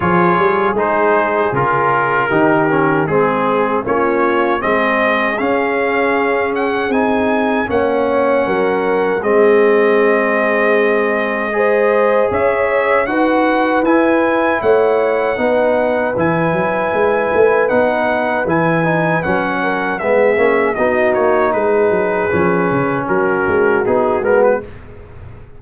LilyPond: <<
  \new Staff \with { instrumentName = "trumpet" } { \time 4/4 \tempo 4 = 78 cis''4 c''4 ais'2 | gis'4 cis''4 dis''4 f''4~ | f''8 fis''8 gis''4 fis''2 | dis''1 |
e''4 fis''4 gis''4 fis''4~ | fis''4 gis''2 fis''4 | gis''4 fis''4 e''4 dis''8 cis''8 | b'2 ais'4 gis'8 ais'16 b'16 | }
  \new Staff \with { instrumentName = "horn" } { \time 4/4 gis'2. g'4 | gis'4 f'4 gis'2~ | gis'2 cis''4 ais'4 | gis'2. c''4 |
cis''4 b'2 cis''4 | b'1~ | b'4. ais'8 gis'4 fis'4 | gis'2 fis'2 | }
  \new Staff \with { instrumentName = "trombone" } { \time 4/4 f'4 dis'4 f'4 dis'8 cis'8 | c'4 cis'4 c'4 cis'4~ | cis'4 dis'4 cis'2 | c'2. gis'4~ |
gis'4 fis'4 e'2 | dis'4 e'2 dis'4 | e'8 dis'8 cis'4 b8 cis'8 dis'4~ | dis'4 cis'2 dis'8 b8 | }
  \new Staff \with { instrumentName = "tuba" } { \time 4/4 f8 g8 gis4 cis4 dis4 | gis4 ais4 gis4 cis'4~ | cis'4 c'4 ais4 fis4 | gis1 |
cis'4 dis'4 e'4 a4 | b4 e8 fis8 gis8 a8 b4 | e4 fis4 gis8 ais8 b8 ais8 | gis8 fis8 f8 cis8 fis8 gis8 b8 gis8 | }
>>